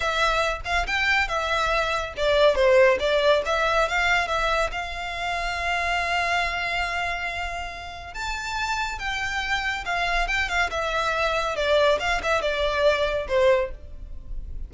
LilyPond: \new Staff \with { instrumentName = "violin" } { \time 4/4 \tempo 4 = 140 e''4. f''8 g''4 e''4~ | e''4 d''4 c''4 d''4 | e''4 f''4 e''4 f''4~ | f''1~ |
f''2. a''4~ | a''4 g''2 f''4 | g''8 f''8 e''2 d''4 | f''8 e''8 d''2 c''4 | }